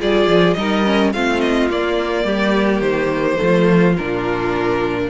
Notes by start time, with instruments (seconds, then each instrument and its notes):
0.00 cello G3, viola F4, violin G#4 D5
0.27 cello F3
0.54 cello G3, viola D#4, violin A#4 D#5
0.85 viola C#4
1.14 cello A3, viola C4, violin F4 F5
1.41 violin D#5
1.70 viola A#3, cello A#3, violin D5
2.25 cello G3, violin G4
2.81 cello D#3, violin C5
3.37 cello F3, viola A3
3.44 violin F4
3.97 cello A#2, viola D4, violin A#4